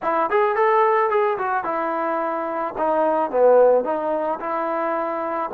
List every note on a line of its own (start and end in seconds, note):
0.02 0.30 E4
0.30 0.55 G#4
0.55 1.10 A4
1.10 1.37 G#4
1.38 1.64 F#4
1.64 2.74 E4
2.78 3.30 D#4
3.30 3.84 B3
3.84 4.39 D#4
4.40 5.50 E4